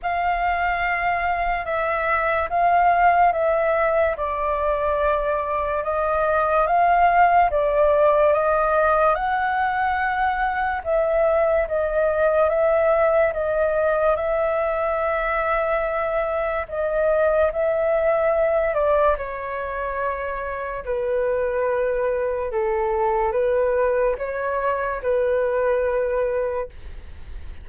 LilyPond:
\new Staff \with { instrumentName = "flute" } { \time 4/4 \tempo 4 = 72 f''2 e''4 f''4 | e''4 d''2 dis''4 | f''4 d''4 dis''4 fis''4~ | fis''4 e''4 dis''4 e''4 |
dis''4 e''2. | dis''4 e''4. d''8 cis''4~ | cis''4 b'2 a'4 | b'4 cis''4 b'2 | }